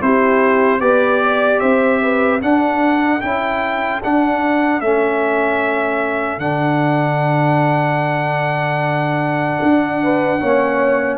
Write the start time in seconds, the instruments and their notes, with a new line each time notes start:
0.00 tuba C4, trombone E4, horn G4, trumpet C5
0.80 tuba B3, trombone G4, horn B4, trumpet D5
1.23 horn D5
1.59 tuba C4, horn C5, trumpet E5
2.02 horn B4
2.41 trombone D4, tuba D4, horn A4, trumpet F#5
3.21 tuba C#4, trombone E4, trumpet G5
4.03 tuba D4, trombone D4, trumpet F#5
4.80 tuba A3, trombone C#4, trumpet E5
6.38 tuba D3, trombone D4, trumpet F#5
9.62 tuba D4
10.03 horn B4
10.40 tuba A#3, trombone C#4, horn C#5